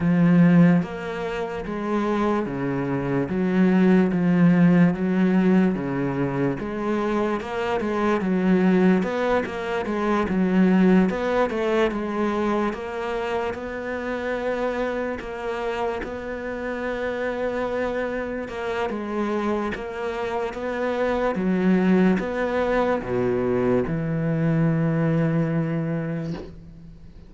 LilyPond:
\new Staff \with { instrumentName = "cello" } { \time 4/4 \tempo 4 = 73 f4 ais4 gis4 cis4 | fis4 f4 fis4 cis4 | gis4 ais8 gis8 fis4 b8 ais8 | gis8 fis4 b8 a8 gis4 ais8~ |
ais8 b2 ais4 b8~ | b2~ b8 ais8 gis4 | ais4 b4 fis4 b4 | b,4 e2. | }